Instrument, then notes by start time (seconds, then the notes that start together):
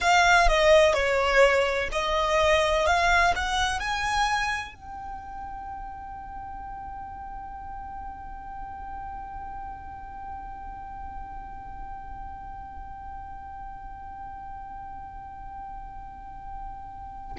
violin
0.00 F5
0.48 D#5
0.93 C#5
1.91 D#5
2.86 F5
3.35 F#5
3.79 G#5
4.74 G5